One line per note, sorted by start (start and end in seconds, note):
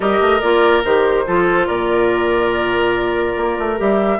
0.00 0.20 G3
0.00 0.40 G4
0.00 1.24 A#4
0.00 0.40 D#5
0.20 0.41 A3
0.40 0.84 A#3
0.40 0.83 F4
0.40 0.82 D5
0.84 1.26 D#3
0.84 1.26 G4
0.84 1.66 C5
1.26 1.68 F3
1.26 3.77 F4
1.26 1.67 A4
1.66 3.36 A#2
1.66 4.18 A#4
1.66 3.76 D5
3.36 3.57 A#3
3.58 3.79 A3
3.77 4.19 G3
3.77 4.19 G4
3.77 4.19 E5